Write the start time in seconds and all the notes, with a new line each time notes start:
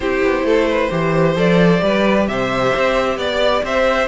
0.00 C4 E4 G4 C5
0.24 B3
0.43 A3 A4
0.69 B4
0.90 E3 G4 C5
1.35 F3 A4 D5
1.79 G3 G4 B4
2.27 C3 C5 E5
2.75 C4
3.17 B3 D5
3.62 C4 C5 E5